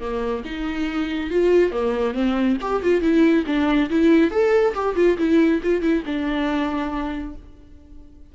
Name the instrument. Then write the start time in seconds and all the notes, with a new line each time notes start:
viola
0.00 A#3
0.45 D#4
1.31 F4
1.72 A#3
2.14 C4
2.61 G4
2.83 F4
3.01 E4
3.46 D4
3.90 E4
4.31 A4
4.75 G4
4.96 F4
5.18 E4
5.63 F4
5.82 E4
6.05 D4